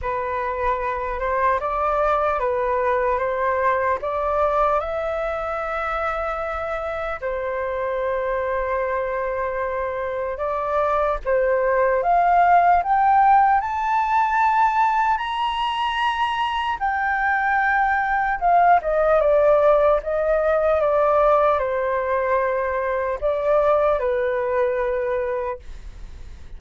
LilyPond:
\new Staff \with { instrumentName = "flute" } { \time 4/4 \tempo 4 = 75 b'4. c''8 d''4 b'4 | c''4 d''4 e''2~ | e''4 c''2.~ | c''4 d''4 c''4 f''4 |
g''4 a''2 ais''4~ | ais''4 g''2 f''8 dis''8 | d''4 dis''4 d''4 c''4~ | c''4 d''4 b'2 | }